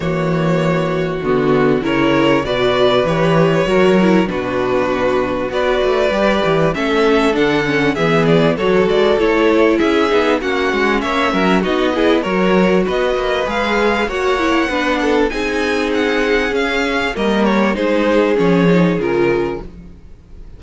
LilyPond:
<<
  \new Staff \with { instrumentName = "violin" } { \time 4/4 \tempo 4 = 98 cis''2 fis'4 cis''4 | d''4 cis''2 b'4~ | b'4 d''2 e''4 | fis''4 e''8 d''8 cis''8 d''8 cis''4 |
e''4 fis''4 e''4 dis''4 | cis''4 dis''4 f''4 fis''4~ | fis''4 gis''4 fis''4 f''4 | dis''8 cis''8 c''4 cis''4 ais'4 | }
  \new Staff \with { instrumentName = "violin" } { \time 4/4 fis'2. ais'4 | b'2 ais'4 fis'4~ | fis'4 b'2 a'4~ | a'4 gis'4 a'2 |
gis'4 fis'4 cis''8 ais'8 fis'8 gis'8 | ais'4 b'2 cis''4 | b'8 a'8 gis'2. | ais'4 gis'2. | }
  \new Staff \with { instrumentName = "viola" } { \time 4/4 ais2 b4 e'4 | fis'4 g'4 fis'8 e'8 d'4~ | d'4 fis'4 g'4 cis'4 | d'8 cis'8 b4 fis'4 e'4~ |
e'8 dis'8 cis'2 dis'8 e'8 | fis'2 gis'4 fis'8 e'8 | d'4 dis'2 cis'4 | ais4 dis'4 cis'8 dis'8 f'4 | }
  \new Staff \with { instrumentName = "cello" } { \time 4/4 e2 d4 cis4 | b,4 e4 fis4 b,4~ | b,4 b8 a8 g8 e8 a4 | d4 e4 fis8 gis8 a4 |
cis'8 b8 ais8 gis8 ais8 fis8 b4 | fis4 b8 ais8 gis4 ais4 | b4 c'2 cis'4 | g4 gis4 f4 cis4 | }
>>